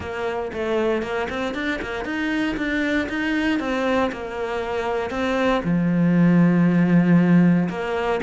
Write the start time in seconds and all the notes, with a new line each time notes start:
0.00 A#3
0.53 A3
1.02 A#3
1.29 C4
1.54 D4
1.81 A#3
2.04 D#4
2.56 D4
3.08 D#4
3.59 C4
4.12 A#3
5.10 C4
5.63 F3
7.69 A#3